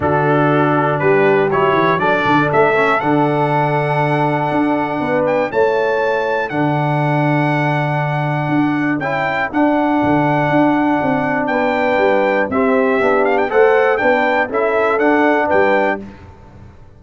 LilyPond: <<
  \new Staff \with { instrumentName = "trumpet" } { \time 4/4 \tempo 4 = 120 a'2 b'4 cis''4 | d''4 e''4 fis''2~ | fis''2~ fis''8 g''8 a''4~ | a''4 fis''2.~ |
fis''2 g''4 fis''4~ | fis''2. g''4~ | g''4 e''4. f''16 g''16 fis''4 | g''4 e''4 fis''4 g''4 | }
  \new Staff \with { instrumentName = "horn" } { \time 4/4 fis'2 g'2 | a'1~ | a'2 b'4 cis''4~ | cis''4 a'2.~ |
a'1~ | a'2. b'4~ | b'4 g'2 c''4 | b'4 a'2 b'4 | }
  \new Staff \with { instrumentName = "trombone" } { \time 4/4 d'2. e'4 | d'4. cis'8 d'2~ | d'2. e'4~ | e'4 d'2.~ |
d'2 e'4 d'4~ | d'1~ | d'4 c'4 d'4 a'4 | d'4 e'4 d'2 | }
  \new Staff \with { instrumentName = "tuba" } { \time 4/4 d2 g4 fis8 e8 | fis8 d8 a4 d2~ | d4 d'4 b4 a4~ | a4 d2.~ |
d4 d'4 cis'4 d'4 | d4 d'4 c'4 b4 | g4 c'4 b4 a4 | b4 cis'4 d'4 g4 | }
>>